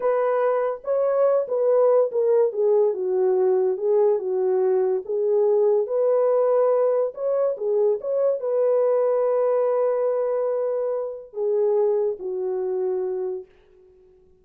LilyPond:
\new Staff \with { instrumentName = "horn" } { \time 4/4 \tempo 4 = 143 b'2 cis''4. b'8~ | b'4 ais'4 gis'4 fis'4~ | fis'4 gis'4 fis'2 | gis'2 b'2~ |
b'4 cis''4 gis'4 cis''4 | b'1~ | b'2. gis'4~ | gis'4 fis'2. | }